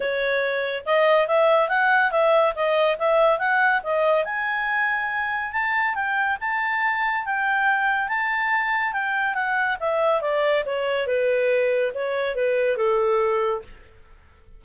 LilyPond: \new Staff \with { instrumentName = "clarinet" } { \time 4/4 \tempo 4 = 141 cis''2 dis''4 e''4 | fis''4 e''4 dis''4 e''4 | fis''4 dis''4 gis''2~ | gis''4 a''4 g''4 a''4~ |
a''4 g''2 a''4~ | a''4 g''4 fis''4 e''4 | d''4 cis''4 b'2 | cis''4 b'4 a'2 | }